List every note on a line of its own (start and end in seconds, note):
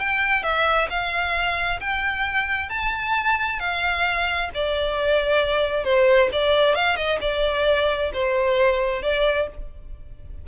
0.00 0.43 G5
0.43 0.88 E5
0.90 1.80 F5
1.81 2.70 G5
2.70 3.60 A5
3.60 4.50 F5
4.55 5.85 D5
5.85 6.30 C5
6.33 6.75 D5
6.75 6.97 F5
6.97 7.19 D#5
7.21 8.12 D5
8.14 9.02 C5
9.02 9.48 D5